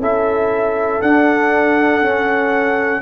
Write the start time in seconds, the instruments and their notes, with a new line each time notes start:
0.00 tuba C#4, trombone E4, horn A4, trumpet E5
1.02 trombone D4, tuba D4, trumpet F#5
2.02 trombone C#4, tuba C#4